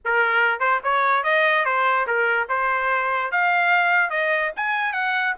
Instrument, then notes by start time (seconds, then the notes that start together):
trumpet
0.04 A#4
0.59 C5
0.83 C#5
1.23 D#5
1.65 C5
2.06 A#4
2.48 C5
3.31 F5
4.10 D#5
4.56 G#5
4.92 F#5